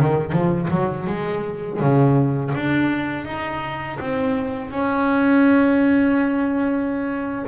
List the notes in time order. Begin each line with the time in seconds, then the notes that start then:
0.00 D#3
0.33 F3
0.71 F#3
1.07 G#3
1.80 C#3
2.55 D4
3.26 D#4
4.00 C4
4.71 C#4